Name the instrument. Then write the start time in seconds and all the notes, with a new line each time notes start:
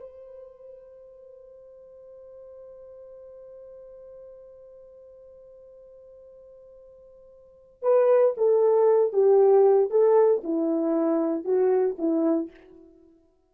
horn
0.00 C5
7.82 B4
8.37 A4
9.13 G4
9.90 A4
10.43 E4
11.44 F#4
11.98 E4